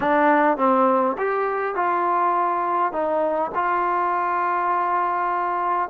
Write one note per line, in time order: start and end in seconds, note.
0.00 0.57 D4
0.57 1.16 C4
1.18 1.75 G4
1.75 2.92 F4
2.92 3.51 D#4
3.55 5.89 F4